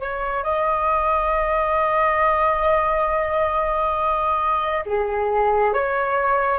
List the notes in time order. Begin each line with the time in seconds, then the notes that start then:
0.00 C#5
0.43 D#5
4.86 G#4
5.74 C#5